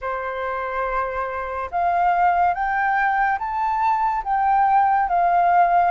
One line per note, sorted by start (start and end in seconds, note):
0.01 1.70 C5
1.71 2.54 F5
2.54 3.38 G5
3.38 4.23 A5
4.24 5.08 G5
5.08 5.91 F5